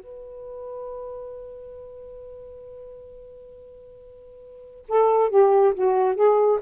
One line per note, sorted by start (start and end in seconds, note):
0.00 4.85 B4
4.89 5.30 A4
5.30 5.74 G4
5.75 6.16 F#4
6.16 6.60 G#4